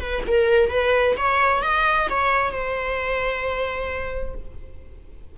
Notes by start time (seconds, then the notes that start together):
0.00 B4
0.27 A#4
0.70 B4
1.17 C#5
1.62 D#5
2.10 C#5
2.51 C5